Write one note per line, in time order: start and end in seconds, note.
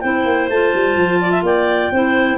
0.00 0.25 C4
0.00 0.50 E4
0.00 1.20 C5
0.00 0.47 G5
0.25 0.48 A#3
0.49 0.72 A3
0.49 1.94 F4
0.49 1.44 A5
0.73 0.96 G3
0.96 1.42 F3
1.21 1.31 D5
1.31 1.43 E5
1.42 1.89 A#3
1.42 1.92 D5
1.42 2.37 G5
1.91 2.37 C4
1.91 2.37 E4
1.91 2.37 C5